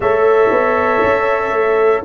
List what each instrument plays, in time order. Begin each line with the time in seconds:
0.00 tuba A3, trombone A4, horn C#5, trumpet E5
0.50 tuba B3
1.03 tuba C#4
1.51 tuba A3